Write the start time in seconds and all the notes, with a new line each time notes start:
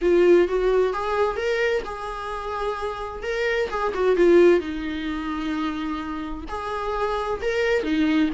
0.01 F4
0.48 F#4
0.93 G#4
1.36 A#4
1.84 G#4
3.23 A#4
3.69 G#4
3.93 F#4
4.16 F4
4.60 D#4
6.48 G#4
7.41 A#4
7.83 D#4